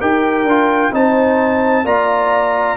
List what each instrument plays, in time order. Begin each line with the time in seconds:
0.00 tuba D#4, trombone G4, horn A#4, trumpet G5
0.43 tuba D4, trombone F4
0.92 tuba C4, trombone D#4, horn C5, trumpet A5
1.84 tuba A#3, trombone F4, horn D5, trumpet A#5